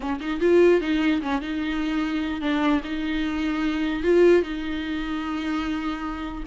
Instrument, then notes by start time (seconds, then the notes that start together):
viola
0.00 C#4
0.20 D#4
0.40 F4
0.80 D#4
1.21 C#4
1.41 D#4
2.41 D4
2.84 D#4
4.03 F4
4.42 D#4